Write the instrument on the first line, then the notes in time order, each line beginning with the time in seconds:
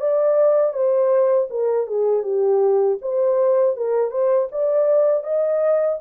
horn
0.00 D5
0.73 C5
1.50 A#4
1.87 G#4
2.23 G4
3.02 C5
3.77 A#4
4.11 C5
4.52 D5
5.24 D#5